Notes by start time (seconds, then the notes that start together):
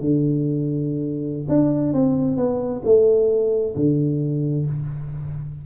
0.00 D3
1.48 D4
1.93 C4
2.37 B3
2.84 A3
3.75 D3